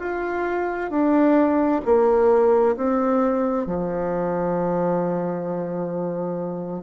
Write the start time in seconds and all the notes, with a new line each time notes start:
0.00 F4
0.91 D4
1.86 A#3
2.77 C4
3.67 F3